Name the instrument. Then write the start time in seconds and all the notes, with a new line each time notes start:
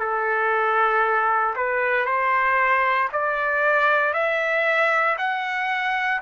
trumpet
0.00 A4
1.56 B4
2.06 C5
3.13 D5
4.14 E5
5.18 F#5